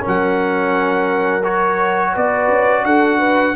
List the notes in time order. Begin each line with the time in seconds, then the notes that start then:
0.00 C#4 A#4
0.07 F#3 F#5
1.43 F#4 C#5
2.12 B3 B4 D5
2.49 C#4
2.84 D4 A4 F#5
3.19 B4